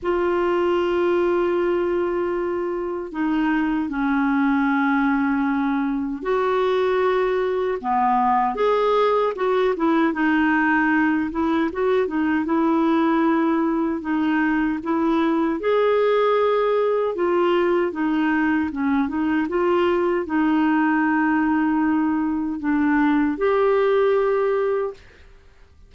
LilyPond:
\new Staff \with { instrumentName = "clarinet" } { \time 4/4 \tempo 4 = 77 f'1 | dis'4 cis'2. | fis'2 b4 gis'4 | fis'8 e'8 dis'4. e'8 fis'8 dis'8 |
e'2 dis'4 e'4 | gis'2 f'4 dis'4 | cis'8 dis'8 f'4 dis'2~ | dis'4 d'4 g'2 | }